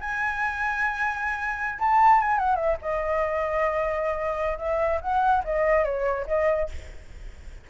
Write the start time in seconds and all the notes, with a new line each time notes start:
0.00 G#5
1.79 A5
2.20 G#5
2.38 F#5
2.55 E5
2.81 D#5
4.58 E5
5.01 F#5
5.44 D#5
5.84 C#5
6.27 D#5